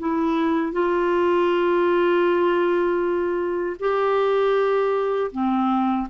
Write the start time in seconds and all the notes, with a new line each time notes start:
0.00 E4
0.73 F4
3.80 G4
5.32 C4